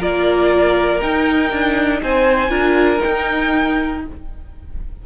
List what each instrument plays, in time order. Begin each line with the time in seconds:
0.00 cello A#3, viola F4, violin A#4 D5
1.01 viola D#4, cello D#4, violin G5
1.52 cello D4
2.03 cello C4, violin C5 G#5
2.49 cello D4, viola F4, violin A#4
3.00 viola D#4, cello D#4, violin G5